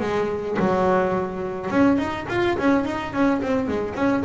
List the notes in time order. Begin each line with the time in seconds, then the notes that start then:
0.00 G#3
0.59 F#3
1.70 C#4
1.97 D#4
2.28 F4
2.58 C#4
2.85 D#4
3.13 C#4
3.41 C4
3.68 G#3
3.94 C#4